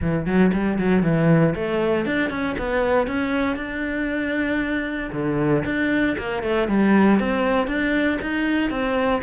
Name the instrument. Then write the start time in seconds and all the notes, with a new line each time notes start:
cello
0.01 E3
0.26 F#3
0.52 G3
0.78 F#3
1.03 E3
1.55 A3
2.05 D4
2.29 C#4
2.58 B3
3.07 C#4
3.56 D4
5.12 D3
5.65 D4
6.17 A#3
6.42 A3
6.68 G3
7.19 C4
7.67 D4
8.21 D#4
8.70 C4